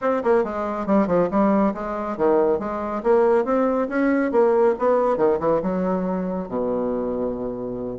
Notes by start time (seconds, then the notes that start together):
0.01 C4
0.23 A#3
0.44 G#3
0.86 G3
1.07 F3
1.30 G3
1.73 G#3
2.17 D#3
2.59 G#3
3.03 A#3
3.44 C4
3.88 C#4
4.31 A#3
4.78 B3
5.17 D#3
5.39 E3
5.62 F#3
6.48 B2